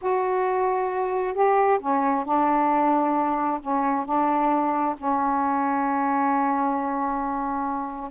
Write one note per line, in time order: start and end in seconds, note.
0.01 1.34 F#4
1.34 1.79 G4
1.79 2.24 C#4
2.24 3.60 D4
3.60 4.05 C#4
4.05 4.95 D4
4.97 8.10 C#4